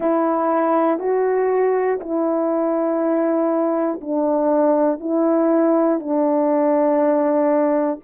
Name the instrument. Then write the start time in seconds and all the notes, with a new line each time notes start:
horn
0.00 E4
0.99 F#4
2.00 E4
4.00 D4
5.00 E4
6.00 D4